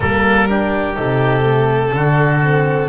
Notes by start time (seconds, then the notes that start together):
0.00 G3 A#3 A4 A#4
0.48 D4 G4
0.95 C3 D#4 A4
1.41 A3
1.92 D3 D4 F#4
2.41 C4